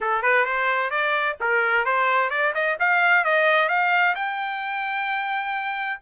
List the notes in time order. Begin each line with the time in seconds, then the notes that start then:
0.00 A4
0.22 B4
0.45 C5
0.90 D5
1.40 A#4
1.85 C5
2.30 D5
2.54 D#5
2.79 F5
3.24 D#5
3.68 F5
4.15 G5